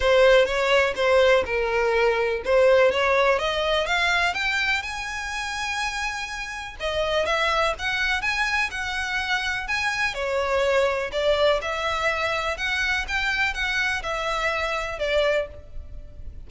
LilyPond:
\new Staff \with { instrumentName = "violin" } { \time 4/4 \tempo 4 = 124 c''4 cis''4 c''4 ais'4~ | ais'4 c''4 cis''4 dis''4 | f''4 g''4 gis''2~ | gis''2 dis''4 e''4 |
fis''4 gis''4 fis''2 | gis''4 cis''2 d''4 | e''2 fis''4 g''4 | fis''4 e''2 d''4 | }